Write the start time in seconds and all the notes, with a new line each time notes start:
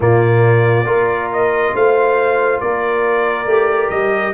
0.00 A#2 A#3 F4 D5
0.84 A#3 F4 A#4
1.32 D#5
1.74 A3 C5 F5
2.60 A#3 A#4 D5
3.46 A3 G4
3.89 G3 D#5